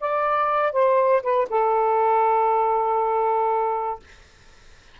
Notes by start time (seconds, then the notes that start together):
0.00 D5
0.72 C5
1.22 B4
1.49 A4